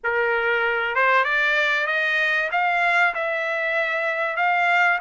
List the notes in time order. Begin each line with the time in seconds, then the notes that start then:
0.03 A#4
0.95 C5
1.24 D5
1.87 D#5
2.51 F5
3.14 E5
4.36 F5